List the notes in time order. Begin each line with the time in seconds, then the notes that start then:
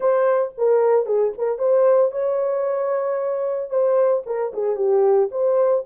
0.00 C5
0.57 A#4
1.05 G#4
1.37 A#4
1.58 C5
2.11 C#5
3.70 C5
4.26 A#4
4.53 G#4
4.76 G4
5.31 C5